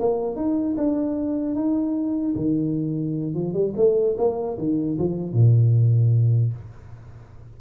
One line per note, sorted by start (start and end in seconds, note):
0.00 0.37 A#3
0.37 0.77 D#4
0.78 1.56 D4
1.56 2.36 D#4
2.36 3.35 D#3
3.35 3.54 F3
3.54 3.74 G3
3.77 4.17 A3
4.18 4.58 A#3
4.59 4.99 D#3
4.99 5.34 F3
5.34 6.54 A#2